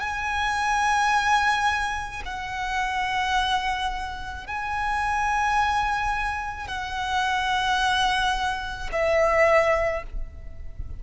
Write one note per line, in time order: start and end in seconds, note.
0.00 2.22 G#5
2.25 4.47 F#5
4.47 6.68 G#5
6.68 8.90 F#5
8.92 10.03 E5